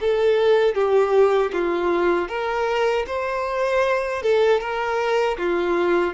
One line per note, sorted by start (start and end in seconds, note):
0.00 0.74 A4
0.74 1.51 G4
1.52 2.28 F4
2.28 3.05 A#4
3.07 4.22 C5
4.22 4.60 A4
4.60 5.37 A#4
5.37 6.13 F4